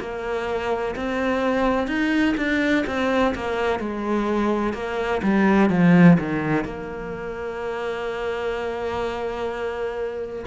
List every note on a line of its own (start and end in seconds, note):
0.00 0.95 A#3
0.96 1.88 C4
1.88 2.35 D#4
2.38 2.85 D4
2.87 3.35 C4
3.35 3.80 A#3
3.80 4.74 G#3
4.74 5.22 A#3
5.23 5.70 G3
5.70 6.18 F3
6.20 6.65 D#3
6.65 10.46 A#3